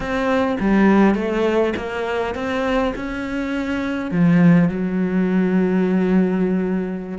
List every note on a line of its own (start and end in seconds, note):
0.00 0.57 C4
0.60 1.14 G3
1.14 1.73 A3
1.76 2.34 A#3
2.34 2.93 C4
2.95 4.11 C#4
4.11 4.68 F3
4.68 7.18 F#3